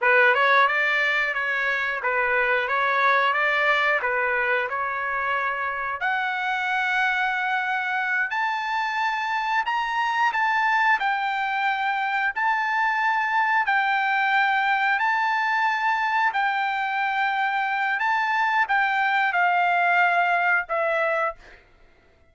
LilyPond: \new Staff \with { instrumentName = "trumpet" } { \time 4/4 \tempo 4 = 90 b'8 cis''8 d''4 cis''4 b'4 | cis''4 d''4 b'4 cis''4~ | cis''4 fis''2.~ | fis''8 a''2 ais''4 a''8~ |
a''8 g''2 a''4.~ | a''8 g''2 a''4.~ | a''8 g''2~ g''8 a''4 | g''4 f''2 e''4 | }